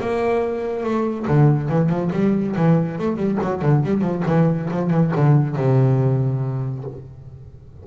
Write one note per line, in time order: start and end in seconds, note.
0.00 0.83 A#3
0.83 1.26 A3
1.27 1.69 D3
1.69 1.89 E3
1.89 2.11 F3
2.12 2.55 G3
2.56 2.98 E3
2.98 3.17 A3
3.17 3.38 G3
3.42 3.62 F#3
3.62 3.83 D3
3.84 4.01 G3
4.01 4.23 F3
4.26 4.69 E3
4.70 4.90 F3
4.90 5.12 E3
5.16 5.56 D3
5.56 6.84 C3